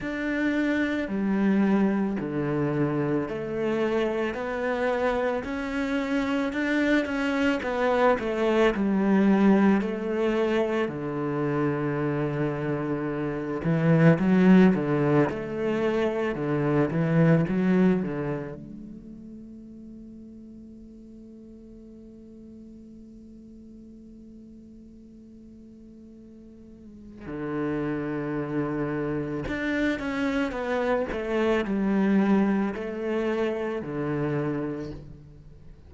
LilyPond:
\new Staff \with { instrumentName = "cello" } { \time 4/4 \tempo 4 = 55 d'4 g4 d4 a4 | b4 cis'4 d'8 cis'8 b8 a8 | g4 a4 d2~ | d8 e8 fis8 d8 a4 d8 e8 |
fis8 d8 a2.~ | a1~ | a4 d2 d'8 cis'8 | b8 a8 g4 a4 d4 | }